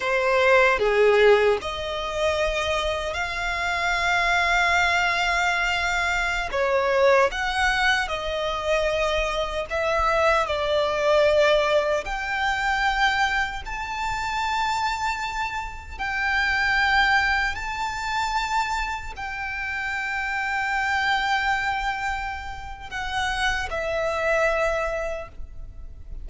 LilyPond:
\new Staff \with { instrumentName = "violin" } { \time 4/4 \tempo 4 = 76 c''4 gis'4 dis''2 | f''1~ | f''16 cis''4 fis''4 dis''4.~ dis''16~ | dis''16 e''4 d''2 g''8.~ |
g''4~ g''16 a''2~ a''8.~ | a''16 g''2 a''4.~ a''16~ | a''16 g''2.~ g''8.~ | g''4 fis''4 e''2 | }